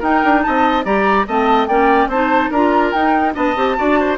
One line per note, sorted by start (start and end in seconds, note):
0.00 0.23 D#4
0.00 0.84 D#4
0.00 0.42 A#4
0.00 0.42 G5
0.24 0.45 D4
0.42 0.86 C4
0.42 0.85 D#5
0.42 0.84 A5
0.84 1.27 G3
0.84 1.26 G4
0.84 1.27 D5
0.84 1.27 A#5
1.28 1.69 A3
1.28 1.69 C4
1.28 1.69 D#5
1.28 1.68 A5
1.68 2.07 A#3
1.68 2.11 C#4
1.68 2.09 D5
1.68 2.09 G5
2.07 2.49 C4
2.07 2.51 C5
2.07 2.53 A5
2.13 2.55 D#4
2.51 2.93 D4
2.51 2.96 F4
2.51 3.34 A#4
2.51 2.92 A#5
2.92 3.36 D#4
2.92 3.34 D#4
2.92 3.34 G5
3.34 3.57 B3
3.34 3.54 D4
3.34 3.77 D#5
3.34 4.18 A5
3.56 3.77 C4
3.56 3.77 G4
3.77 4.18 D4
3.77 4.18 F#4
3.77 4.00 D5
4.00 4.18 C5